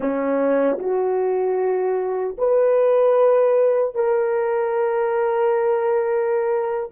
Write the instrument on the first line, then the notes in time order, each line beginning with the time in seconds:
horn
0.00 C#4
0.79 F#4
2.38 B4
3.95 A#4